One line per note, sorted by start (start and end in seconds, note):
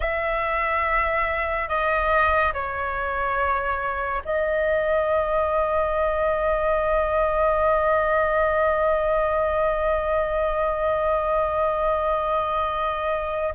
0.00 1.68 E5
1.68 2.52 D#5
2.53 4.22 C#5
4.24 13.54 D#5